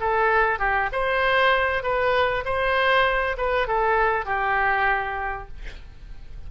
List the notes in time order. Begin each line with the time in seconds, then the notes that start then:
0.00 A4
0.59 G4
0.92 C5
1.83 B4
2.45 C5
3.37 B4
3.67 A4
4.26 G4